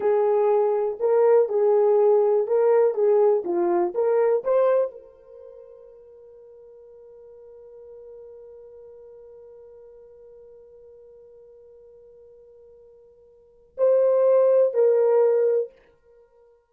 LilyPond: \new Staff \with { instrumentName = "horn" } { \time 4/4 \tempo 4 = 122 gis'2 ais'4 gis'4~ | gis'4 ais'4 gis'4 f'4 | ais'4 c''4 ais'2~ | ais'1~ |
ais'1~ | ais'1~ | ais'1 | c''2 ais'2 | }